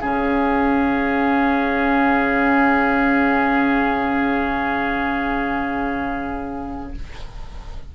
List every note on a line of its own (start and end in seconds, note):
0.00 6.94 C#3
0.00 6.95 C#4
0.00 6.93 G#4
0.00 6.92 F5